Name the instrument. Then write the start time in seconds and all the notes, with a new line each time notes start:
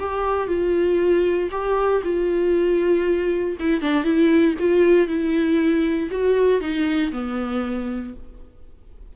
viola
0.00 G4
0.48 F4
1.52 G4
2.04 F4
3.60 E4
3.82 D4
4.04 E4
4.60 F4
5.08 E4
6.11 F#4
6.61 D#4
7.12 B3